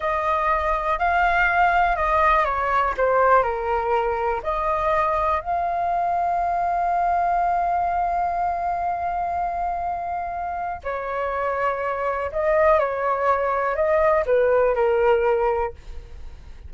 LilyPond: \new Staff \with { instrumentName = "flute" } { \time 4/4 \tempo 4 = 122 dis''2 f''2 | dis''4 cis''4 c''4 ais'4~ | ais'4 dis''2 f''4~ | f''1~ |
f''1~ | f''2 cis''2~ | cis''4 dis''4 cis''2 | dis''4 b'4 ais'2 | }